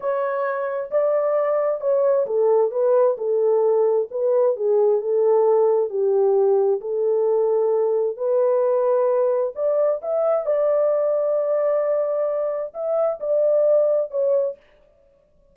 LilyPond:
\new Staff \with { instrumentName = "horn" } { \time 4/4 \tempo 4 = 132 cis''2 d''2 | cis''4 a'4 b'4 a'4~ | a'4 b'4 gis'4 a'4~ | a'4 g'2 a'4~ |
a'2 b'2~ | b'4 d''4 e''4 d''4~ | d''1 | e''4 d''2 cis''4 | }